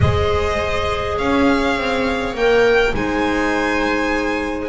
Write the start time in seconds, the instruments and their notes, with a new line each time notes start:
0.00 double bass G#3, clarinet G#4, viola C5, violin D#5
1.18 double bass C#4, viola C#5, violin F5
1.77 double bass C4
2.34 double bass A#3, clarinet A#4, violin G5
2.93 double bass G#3, clarinet D#4, viola C5, violin G#5